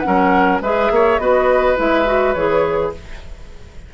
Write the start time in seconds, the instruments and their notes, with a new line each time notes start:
0.00 clarinet C#4, flute F#5
0.06 bassoon F#3, oboe A#4
0.61 bassoon G#3, clarinet G#4, oboe B4, flute E5
0.91 bassoon A#3, oboe C#5
1.18 bassoon B3, clarinet F#4, oboe B4, flute D#5
1.76 bassoon G#3, clarinet E4, flute E5
2.05 clarinet F#4
2.34 bassoon E3, clarinet G#4, flute C#5